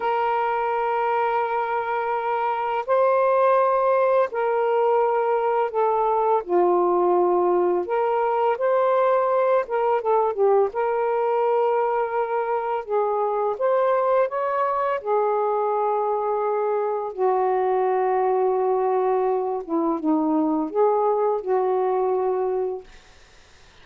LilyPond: \new Staff \with { instrumentName = "saxophone" } { \time 4/4 \tempo 4 = 84 ais'1 | c''2 ais'2 | a'4 f'2 ais'4 | c''4. ais'8 a'8 g'8 ais'4~ |
ais'2 gis'4 c''4 | cis''4 gis'2. | fis'2.~ fis'8 e'8 | dis'4 gis'4 fis'2 | }